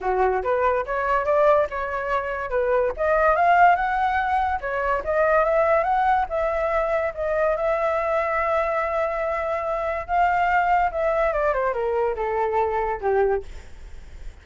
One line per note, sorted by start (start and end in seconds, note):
0.00 0.42 F#4
0.43 0.85 B4
0.86 1.25 C#5
1.25 1.67 D5
1.69 2.50 C#5
2.50 2.92 B4
2.97 3.35 D#5
3.35 3.75 F5
3.75 4.59 F#5
4.61 5.03 C#5
5.04 5.44 D#5
5.44 5.83 E5
5.83 6.25 F#5
6.29 7.13 E5
7.14 7.56 D#5
7.56 10.07 E5
10.07 10.91 F5
10.91 11.32 E5
11.32 11.53 D5
11.53 11.73 C5
11.73 12.15 A#4
12.16 13.00 A4
13.01 13.42 G4